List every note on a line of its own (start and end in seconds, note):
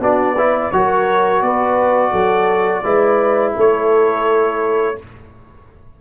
0.00 0.71 B3
0.00 0.36 D4
0.00 0.35 F#4
0.00 0.72 D5
0.35 0.73 E4
0.35 0.71 B4
0.72 1.42 F#3
0.72 2.84 F#4
0.72 1.44 A#4
0.72 1.42 C#5
1.42 2.12 B3
1.42 2.12 B4
1.42 3.54 D5
2.12 2.83 F#3
2.12 2.82 A4
2.84 3.54 G#3
2.84 4.96 E4
2.84 3.55 B4
3.57 4.98 A3
3.57 4.98 A4
3.57 5.01 C#5